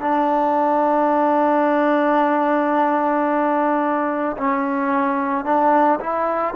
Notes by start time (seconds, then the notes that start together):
0.00 D4
4.37 C#4
5.45 D4
6.00 E4